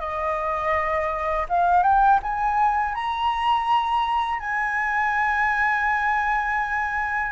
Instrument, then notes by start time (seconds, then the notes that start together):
flute
0.00 D#5
1.49 F5
1.83 G5
2.23 G#5
2.95 A#5
4.40 G#5